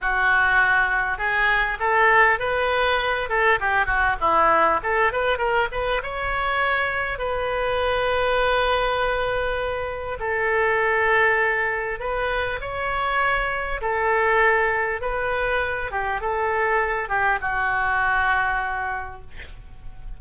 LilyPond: \new Staff \with { instrumentName = "oboe" } { \time 4/4 \tempo 4 = 100 fis'2 gis'4 a'4 | b'4. a'8 g'8 fis'8 e'4 | a'8 b'8 ais'8 b'8 cis''2 | b'1~ |
b'4 a'2. | b'4 cis''2 a'4~ | a'4 b'4. g'8 a'4~ | a'8 g'8 fis'2. | }